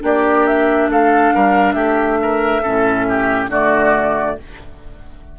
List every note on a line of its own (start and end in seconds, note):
0.00 0.89 A#3
0.00 2.61 D4
0.00 0.90 G4
0.00 0.46 D5
0.46 0.90 E5
0.89 1.32 A3
0.89 1.34 A4
0.89 1.73 F5
1.34 1.74 G3
1.34 1.74 A#4
1.73 2.61 A3
1.73 2.18 G4
1.73 3.47 E5
2.22 2.62 A#4
2.62 3.48 A2
2.62 3.50 C#4
2.62 3.05 A4
3.09 3.50 G4
3.48 4.35 D3
3.48 4.37 A3
3.48 4.37 F#4
3.48 4.38 D5